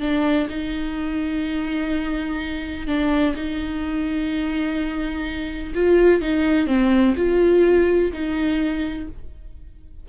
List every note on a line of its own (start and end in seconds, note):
0.00 0.48 D4
0.49 2.87 D#4
2.87 3.34 D4
3.35 5.73 D#4
5.74 6.21 F4
6.21 6.67 D#4
6.67 7.15 C4
7.16 8.12 F4
8.12 9.07 D#4